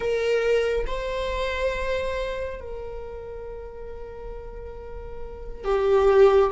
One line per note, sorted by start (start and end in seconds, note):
0.00 0.85 A#4
0.87 2.60 C5
2.60 5.64 A#4
5.64 6.51 G4